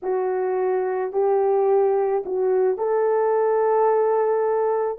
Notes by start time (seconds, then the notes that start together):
0.02 F#4
1.12 G4
2.25 F#4
2.77 A4